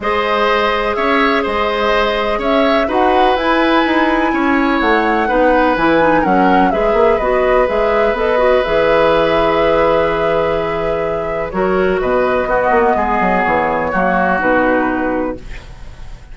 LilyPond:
<<
  \new Staff \with { instrumentName = "flute" } { \time 4/4 \tempo 4 = 125 dis''2 e''4 dis''4~ | dis''4 e''4 fis''4 gis''4~ | gis''2 fis''2 | gis''4 fis''4 e''4 dis''4 |
e''4 dis''4 e''2~ | e''1 | cis''4 dis''2. | cis''2 b'2 | }
  \new Staff \with { instrumentName = "oboe" } { \time 4/4 c''2 cis''4 c''4~ | c''4 cis''4 b'2~ | b'4 cis''2 b'4~ | b'4 ais'4 b'2~ |
b'1~ | b'1 | ais'4 b'4 fis'4 gis'4~ | gis'4 fis'2. | }
  \new Staff \with { instrumentName = "clarinet" } { \time 4/4 gis'1~ | gis'2 fis'4 e'4~ | e'2. dis'4 | e'8 dis'8 cis'4 gis'4 fis'4 |
gis'4 a'8 fis'8 gis'2~ | gis'1 | fis'2 b2~ | b4 ais4 dis'2 | }
  \new Staff \with { instrumentName = "bassoon" } { \time 4/4 gis2 cis'4 gis4~ | gis4 cis'4 dis'4 e'4 | dis'4 cis'4 a4 b4 | e4 fis4 gis8 ais8 b4 |
gis4 b4 e2~ | e1 | fis4 b,4 b8 ais8 gis8 fis8 | e4 fis4 b,2 | }
>>